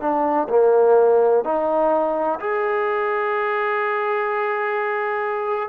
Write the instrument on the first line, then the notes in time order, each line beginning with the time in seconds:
trombone
0.00 D4
0.49 A#3
1.44 D#4
2.39 G#4